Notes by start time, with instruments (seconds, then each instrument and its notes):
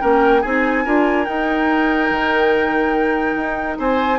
0.00 bassoon A#3, clarinet C#4, oboe A#4, flute G5
0.42 bassoon C4, clarinet D#4, oboe G#4, flute G#5
0.85 bassoon D4, clarinet F4, oboe A#4
1.25 clarinet D#4, bassoon D#4, flute G5
2.10 bassoon D#3
3.36 bassoon D#4
3.78 bassoon C4, oboe C5, flute G#5